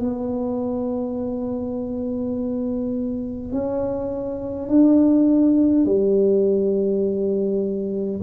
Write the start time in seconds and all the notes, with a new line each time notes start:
0.00 B3
3.52 C#4
4.68 D4
5.85 G3